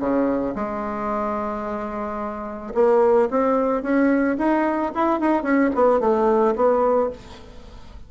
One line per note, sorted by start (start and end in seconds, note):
0.00 0.55 C#3
0.56 2.74 G#3
2.74 3.29 A#3
3.31 3.83 C4
3.83 4.37 C#4
4.38 4.93 D#4
4.95 5.20 E4
5.20 5.43 D#4
5.43 5.70 C#4
5.75 6.00 B3
6.00 6.55 A3
6.56 7.10 B3